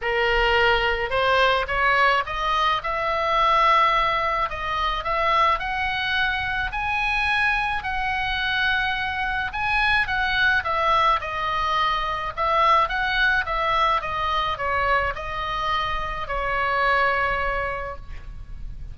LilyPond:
\new Staff \with { instrumentName = "oboe" } { \time 4/4 \tempo 4 = 107 ais'2 c''4 cis''4 | dis''4 e''2. | dis''4 e''4 fis''2 | gis''2 fis''2~ |
fis''4 gis''4 fis''4 e''4 | dis''2 e''4 fis''4 | e''4 dis''4 cis''4 dis''4~ | dis''4 cis''2. | }